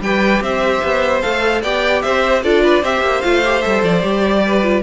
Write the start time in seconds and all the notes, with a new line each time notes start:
0.00 G3 G4 B4 G5
0.41 C4 C5 E5
0.83 B3
1.22 A3 A4 F5
1.62 B3 G4 D5 G5
2.02 C4 C5 E5
2.44 D4 F4 A4 D5
2.63 B4
2.83 C4 G4 C5 E5
3.01 A#3
3.22 A3 F4 F5
3.45 G4
3.62 G3 A4 E5
3.83 F3 D5
4.02 G3 G4
4.46 B4
4.62 F4